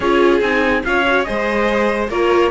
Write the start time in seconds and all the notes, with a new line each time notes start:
0.00 C#4 F4 G#4 C#5
0.40 C4 D#4 G#5
0.84 C#4 F4 C#5 F5
1.06 F#4
1.23 G#3 G#4 C5 D#5
2.09 A#3 F4 A#4 C#5